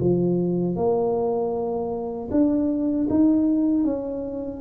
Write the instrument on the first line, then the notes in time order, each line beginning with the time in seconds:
tuba
0.00 F3
0.76 A#3
2.31 D4
3.10 D#4
3.85 C#4